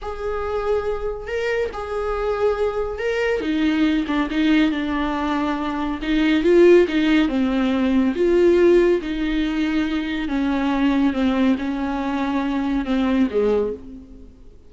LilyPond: \new Staff \with { instrumentName = "viola" } { \time 4/4 \tempo 4 = 140 gis'2. ais'4 | gis'2. ais'4 | dis'4. d'8 dis'4 d'4~ | d'2 dis'4 f'4 |
dis'4 c'2 f'4~ | f'4 dis'2. | cis'2 c'4 cis'4~ | cis'2 c'4 gis4 | }